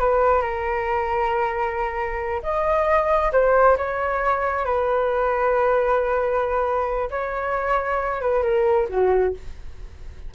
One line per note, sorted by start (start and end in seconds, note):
0.00 0.42 B4
0.42 2.42 A#4
2.43 3.32 D#5
3.33 3.77 C5
3.78 4.65 C#5
4.65 7.10 B4
7.11 8.21 C#5
8.21 8.43 B4
8.43 8.88 A#4
8.89 9.34 F#4